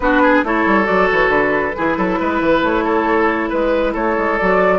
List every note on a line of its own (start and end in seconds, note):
0.00 0.42 B3
0.00 0.44 D4
0.00 0.22 F#4
0.00 0.44 B4
0.22 0.44 G#4
0.43 0.65 A3
0.43 0.84 E4
0.43 1.76 A4
0.43 0.86 C#5
0.65 0.87 G3
0.84 1.11 F#3
0.84 1.71 F#4
0.84 1.08 D5
1.11 1.29 E3
1.11 1.29 C#5
1.29 1.72 D3
1.29 2.61 B4
1.76 1.97 E3
1.76 4.40 E4
1.76 1.97 G#4
1.97 2.19 F#3
1.97 2.19 A4
2.19 2.40 G#3
2.19 2.84 B4
2.40 2.62 E3
2.62 3.49 A3
2.62 3.48 C#5
2.84 3.49 A4
3.48 3.94 G#3
3.48 3.92 B4
3.92 4.16 A3
3.92 4.78 A4
3.92 4.37 C#5
4.17 4.39 G#3
4.37 4.78 F#3
4.37 4.78 F#4
4.37 4.78 D5